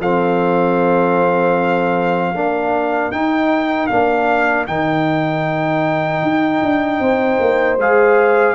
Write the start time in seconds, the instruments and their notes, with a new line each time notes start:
0.00 tuba F3, trombone C4, horn A4, trumpet F5
2.33 tuba A#3, trombone D4, horn A#4
3.12 tuba D#4, trombone D#4, trumpet G5
3.87 tuba A#3, trombone D4, trumpet F5
4.67 tuba D#3, trombone D#4, trumpet G5
6.23 tuba D#4
6.62 tuba D4
7.00 tuba C4, horn C5
7.40 tuba A#3
7.78 tuba G#3, trombone G#4, trumpet F5